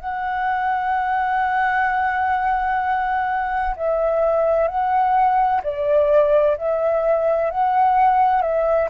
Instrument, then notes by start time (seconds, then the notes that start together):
flute
0.00 F#5
3.77 E5
4.68 F#5
5.64 D5
6.58 E5
7.51 F#5
8.42 E5